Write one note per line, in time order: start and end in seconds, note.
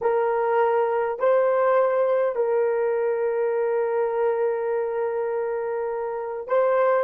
0.01 1.19 A#4
1.19 2.35 C5
2.35 6.47 A#4
6.47 7.03 C5